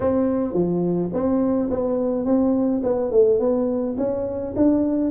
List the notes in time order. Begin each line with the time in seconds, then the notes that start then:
0.00 C4
0.53 F3
1.13 C4
1.70 B3
2.25 C4
2.83 B3
3.11 A3
3.39 B3
3.97 C#4
4.55 D4